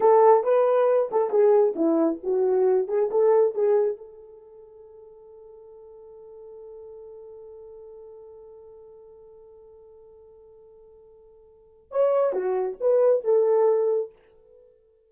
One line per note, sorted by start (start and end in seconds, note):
0.00 0.43 A4
0.43 1.09 B4
1.11 1.30 A4
1.30 1.74 G#4
1.75 2.19 E4
2.23 2.88 F#4
2.88 3.10 G#4
3.11 3.54 A4
3.54 3.97 G#4
3.97 11.91 A4
11.91 12.32 C#5
12.32 12.77 F#4
12.80 13.24 B4
13.24 14.12 A4